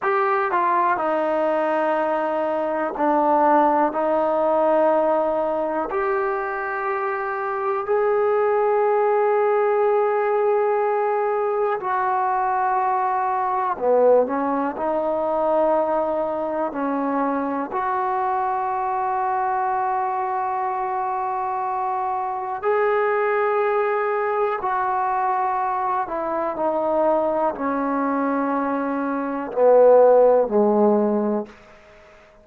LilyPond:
\new Staff \with { instrumentName = "trombone" } { \time 4/4 \tempo 4 = 61 g'8 f'8 dis'2 d'4 | dis'2 g'2 | gis'1 | fis'2 b8 cis'8 dis'4~ |
dis'4 cis'4 fis'2~ | fis'2. gis'4~ | gis'4 fis'4. e'8 dis'4 | cis'2 b4 gis4 | }